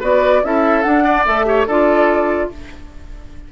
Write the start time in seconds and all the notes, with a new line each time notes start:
0.00 B3 F#4 B4 D5
0.43 C#4 E4 A4 E5
0.82 D4 F#5
1.04 D5
1.26 A3 A4 E5
1.45 G4 C#5
1.67 D4 F4 A4 D5